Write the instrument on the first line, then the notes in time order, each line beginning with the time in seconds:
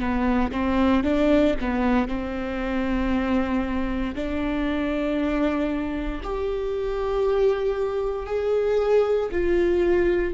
viola
0.00 B3
0.52 C4
1.04 D4
1.61 B3
2.08 C4
4.15 D4
6.24 G4
8.27 G#4
9.32 F4